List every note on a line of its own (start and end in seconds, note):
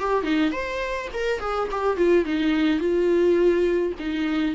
0.00 0.23 G4
0.23 0.52 D#4
0.52 1.09 C5
1.14 1.40 A#4
1.40 1.69 G#4
1.71 1.97 G4
1.97 2.25 F4
2.25 2.80 D#4
2.80 3.93 F4
3.99 4.55 D#4